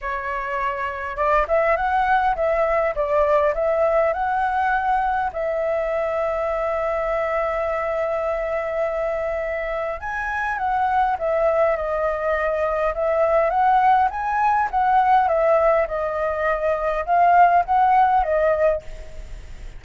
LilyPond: \new Staff \with { instrumentName = "flute" } { \time 4/4 \tempo 4 = 102 cis''2 d''8 e''8 fis''4 | e''4 d''4 e''4 fis''4~ | fis''4 e''2.~ | e''1~ |
e''4 gis''4 fis''4 e''4 | dis''2 e''4 fis''4 | gis''4 fis''4 e''4 dis''4~ | dis''4 f''4 fis''4 dis''4 | }